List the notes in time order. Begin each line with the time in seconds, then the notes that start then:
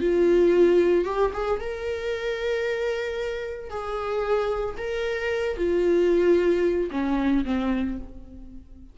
0.00 F4
1.05 G4
1.33 G#4
1.60 A#4
3.70 G#4
4.77 A#4
5.57 F4
6.91 C#4
7.45 C4